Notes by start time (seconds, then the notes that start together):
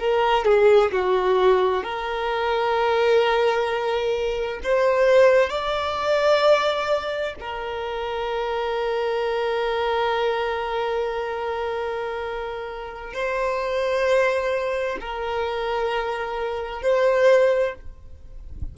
0.00 A#4
0.45 G#4
0.92 F#4
1.84 A#4
4.64 C5
5.50 D5
7.40 A#4
13.14 C5
15.01 A#4
16.83 C5